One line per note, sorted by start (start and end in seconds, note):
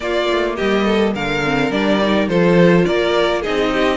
0.00 1.43 A#3
0.00 0.29 A#3
0.00 0.56 F4
0.00 0.55 D5
0.29 0.58 A3
0.56 1.14 G3
0.56 0.85 G4
0.56 1.13 D#5
0.85 1.13 A4
1.14 1.70 D3
1.14 2.28 A#4
1.14 1.71 F5
1.44 1.72 C4
1.70 2.28 G3
1.70 2.00 D4
1.70 2.28 D5
2.02 2.30 D#4
2.28 2.85 F3
2.28 3.44 F4
2.28 2.85 A4
2.28 2.85 C5
2.85 3.44 A#3
2.85 3.41 A#4
2.85 3.42 D5
3.41 3.97 D#4
3.41 3.70 G#4
3.41 3.97 D#5
3.47 3.97 C4
3.72 3.97 G4